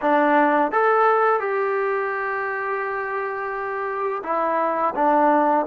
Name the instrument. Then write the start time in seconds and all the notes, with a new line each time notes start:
trombone
0.01 D4
0.71 A4
1.40 G4
4.23 E4
4.95 D4